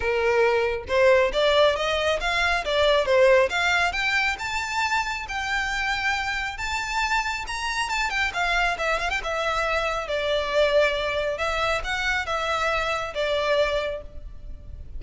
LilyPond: \new Staff \with { instrumentName = "violin" } { \time 4/4 \tempo 4 = 137 ais'2 c''4 d''4 | dis''4 f''4 d''4 c''4 | f''4 g''4 a''2 | g''2. a''4~ |
a''4 ais''4 a''8 g''8 f''4 | e''8 f''16 g''16 e''2 d''4~ | d''2 e''4 fis''4 | e''2 d''2 | }